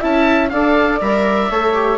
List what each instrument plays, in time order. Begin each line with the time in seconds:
0.00 bassoon C#4, viola E4, flute E5, oboe A5
0.49 bassoon D4, viola A4, flute D5, oboe F5
1.01 bassoon G3, viola A#4, oboe E5
1.50 bassoon A3, viola A4, flute C#5
1.73 viola G4